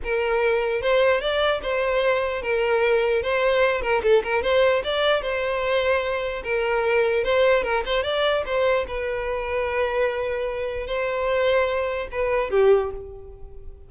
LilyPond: \new Staff \with { instrumentName = "violin" } { \time 4/4 \tempo 4 = 149 ais'2 c''4 d''4 | c''2 ais'2 | c''4. ais'8 a'8 ais'8 c''4 | d''4 c''2. |
ais'2 c''4 ais'8 c''8 | d''4 c''4 b'2~ | b'2. c''4~ | c''2 b'4 g'4 | }